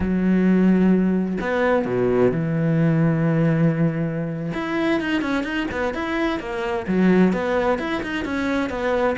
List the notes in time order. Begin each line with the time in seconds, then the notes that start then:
0.00 F#3
1.40 B3
1.85 B2
2.31 E3
4.53 E4
5.00 D#4
5.21 C#4
5.43 D#4
5.71 B3
5.94 E4
6.39 A#3
6.87 F#3
7.32 B3
7.78 E4
8.03 D#4
8.24 C#4
8.69 B3